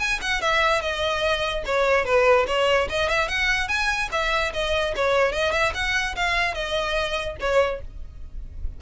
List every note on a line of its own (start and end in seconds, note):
0.00 0.21 G#5
0.22 0.42 F#5
0.42 0.82 E5
0.82 1.64 D#5
1.66 2.06 C#5
2.06 2.47 B4
2.48 2.89 C#5
2.90 3.10 D#5
3.10 3.29 E5
3.29 3.69 F#5
3.69 4.10 G#5
4.12 4.53 E5
4.54 4.95 D#5
4.97 5.33 C#5
5.33 5.53 D#5
5.53 5.73 E5
5.75 6.16 F#5
6.17 6.55 F5
6.55 7.37 D#5
7.41 7.82 C#5